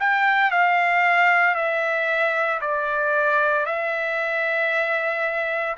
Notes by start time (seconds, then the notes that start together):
0.00 G5
0.51 F5
1.55 E5
2.61 D5
3.66 E5